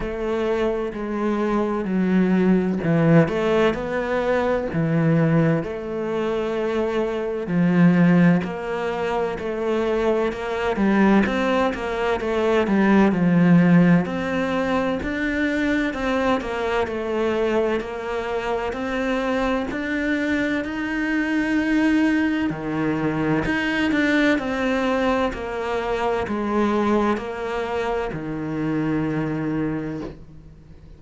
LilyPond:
\new Staff \with { instrumentName = "cello" } { \time 4/4 \tempo 4 = 64 a4 gis4 fis4 e8 a8 | b4 e4 a2 | f4 ais4 a4 ais8 g8 | c'8 ais8 a8 g8 f4 c'4 |
d'4 c'8 ais8 a4 ais4 | c'4 d'4 dis'2 | dis4 dis'8 d'8 c'4 ais4 | gis4 ais4 dis2 | }